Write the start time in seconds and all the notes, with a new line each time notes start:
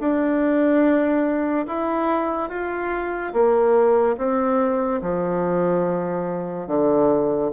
0.00 D4
1.67 E4
2.49 F4
3.33 A#3
4.17 C4
5.02 F3
6.67 D3